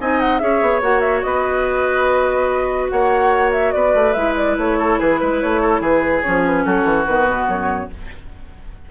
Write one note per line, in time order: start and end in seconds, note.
0.00 0.42 C4
0.00 0.40 D#4
0.00 0.43 D#5
0.00 0.21 G#5
0.21 0.39 F#5
0.39 0.62 C#4
0.39 0.82 G#4
0.39 1.26 C#5
0.39 0.80 E5
0.62 0.82 B3
0.82 1.24 A#3
0.82 4.16 F#4
0.82 1.00 F#5
1.00 1.21 E5
1.22 2.92 B3
1.22 2.92 B4
1.22 2.89 D#5
2.89 3.74 A#3
2.89 3.74 C#5
2.89 3.52 F#5
3.52 3.72 E5
3.72 3.95 B3
3.72 4.78 B4
3.72 4.13 D5
3.95 4.15 A3
4.13 4.58 G#3
4.13 6.24 E4
4.13 4.34 E5
4.37 4.57 D5
4.58 4.99 A3
4.58 5.00 C#5
4.78 4.99 A4
4.99 5.22 E3
4.99 5.20 G#4
4.99 5.41 B4
5.21 5.43 G#3
5.21 5.61 B4
5.41 5.80 A3
5.41 5.83 C#5
5.61 5.81 A4
5.80 6.22 E3
5.80 6.64 G#4
5.80 6.22 B4
6.22 6.66 F3
6.22 7.07 C#4
6.22 6.42 C#5
6.47 6.65 B4
6.65 6.85 F#3
6.65 7.90 F#4
6.65 7.05 A4
6.85 7.05 E3
7.05 7.28 D#3
7.05 7.91 B3
7.05 7.46 B4
7.28 7.47 B2
7.47 7.89 F#2
7.47 7.90 C#5